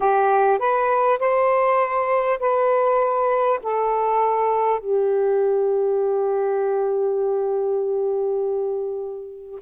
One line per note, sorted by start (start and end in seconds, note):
0.00 0.58 G4
0.58 1.18 B4
1.19 2.39 C5
2.39 3.59 B4
3.62 4.79 A4
4.79 9.59 G4